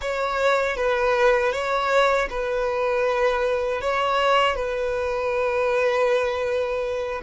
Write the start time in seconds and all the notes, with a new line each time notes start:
0.01 C#5
0.76 B4
1.52 C#5
2.30 B4
3.81 C#5
4.55 B4